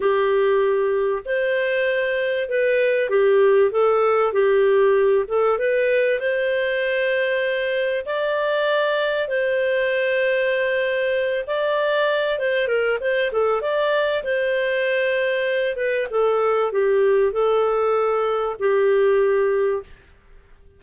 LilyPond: \new Staff \with { instrumentName = "clarinet" } { \time 4/4 \tempo 4 = 97 g'2 c''2 | b'4 g'4 a'4 g'4~ | g'8 a'8 b'4 c''2~ | c''4 d''2 c''4~ |
c''2~ c''8 d''4. | c''8 ais'8 c''8 a'8 d''4 c''4~ | c''4. b'8 a'4 g'4 | a'2 g'2 | }